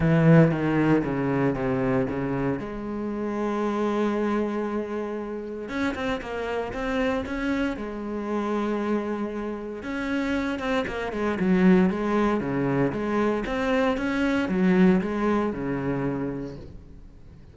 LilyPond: \new Staff \with { instrumentName = "cello" } { \time 4/4 \tempo 4 = 116 e4 dis4 cis4 c4 | cis4 gis2.~ | gis2. cis'8 c'8 | ais4 c'4 cis'4 gis4~ |
gis2. cis'4~ | cis'8 c'8 ais8 gis8 fis4 gis4 | cis4 gis4 c'4 cis'4 | fis4 gis4 cis2 | }